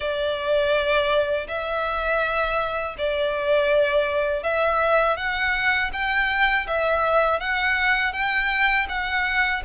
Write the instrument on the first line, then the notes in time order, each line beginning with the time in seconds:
violin
0.00 D5
1.47 E5
2.98 D5
4.43 E5
5.16 F#5
5.93 G5
6.67 E5
7.39 F#5
8.12 G5
8.88 F#5